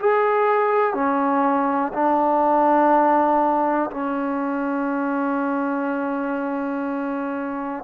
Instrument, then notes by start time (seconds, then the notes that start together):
trombone
0.00 G#4
0.94 C#4
1.94 D4
3.91 C#4